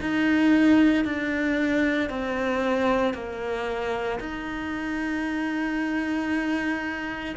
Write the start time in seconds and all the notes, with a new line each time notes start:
0.00 D#4
1.05 D4
2.10 C4
3.14 A#3
4.20 D#4